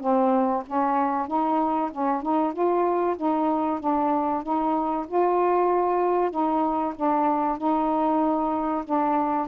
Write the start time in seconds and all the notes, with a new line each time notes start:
0.00 C4
0.67 C#4
1.27 D#4
1.91 C#4
2.22 D#4
2.53 F4
3.17 D#4
3.80 D4
4.43 D#4
5.07 F4
6.31 D#4
6.96 D4
7.58 D#4
8.85 D4